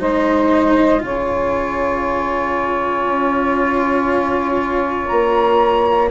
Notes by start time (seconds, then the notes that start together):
0.00 G#3 D#4 C5 D#5
0.99 C#3 F4 C#5 G#5
3.05 C#4
5.08 A#3 A#5